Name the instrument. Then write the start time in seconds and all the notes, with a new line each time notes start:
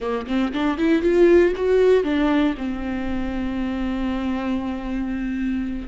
viola
0.00 A#3
0.27 C4
0.52 D4
0.77 E4
1.02 F4
1.56 F#4
2.03 D4
2.57 C4